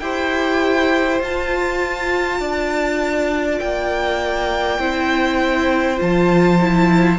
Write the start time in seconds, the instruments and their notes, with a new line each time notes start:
0.00 cello E4, viola G4, violin C5 G5
1.21 cello F4, viola F4, violin A5
2.40 cello D4, violin D5
3.60 cello A#3, violin G5
4.79 cello C4, viola E4, violin C5
5.98 cello F3, viola F4, violin A5
6.61 viola E4